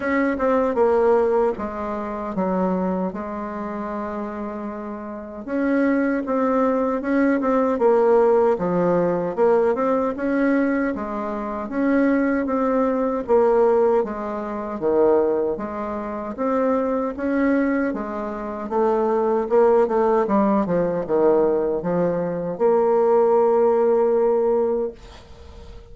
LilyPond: \new Staff \with { instrumentName = "bassoon" } { \time 4/4 \tempo 4 = 77 cis'8 c'8 ais4 gis4 fis4 | gis2. cis'4 | c'4 cis'8 c'8 ais4 f4 | ais8 c'8 cis'4 gis4 cis'4 |
c'4 ais4 gis4 dis4 | gis4 c'4 cis'4 gis4 | a4 ais8 a8 g8 f8 dis4 | f4 ais2. | }